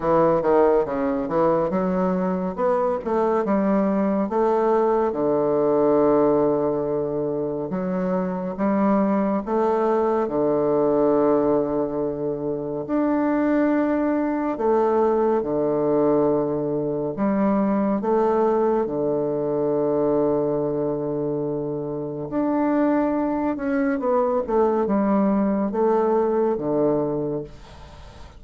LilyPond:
\new Staff \with { instrumentName = "bassoon" } { \time 4/4 \tempo 4 = 70 e8 dis8 cis8 e8 fis4 b8 a8 | g4 a4 d2~ | d4 fis4 g4 a4 | d2. d'4~ |
d'4 a4 d2 | g4 a4 d2~ | d2 d'4. cis'8 | b8 a8 g4 a4 d4 | }